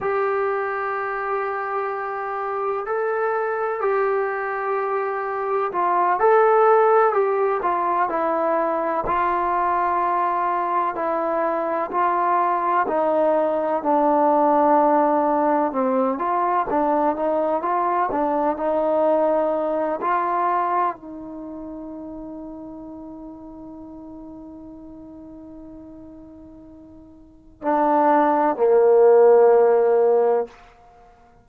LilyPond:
\new Staff \with { instrumentName = "trombone" } { \time 4/4 \tempo 4 = 63 g'2. a'4 | g'2 f'8 a'4 g'8 | f'8 e'4 f'2 e'8~ | e'8 f'4 dis'4 d'4.~ |
d'8 c'8 f'8 d'8 dis'8 f'8 d'8 dis'8~ | dis'4 f'4 dis'2~ | dis'1~ | dis'4 d'4 ais2 | }